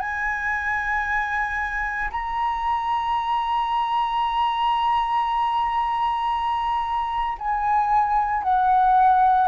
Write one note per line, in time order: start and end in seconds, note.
0.00 2.11 G#5
2.11 7.37 A#5
7.38 8.43 G#5
8.43 9.48 F#5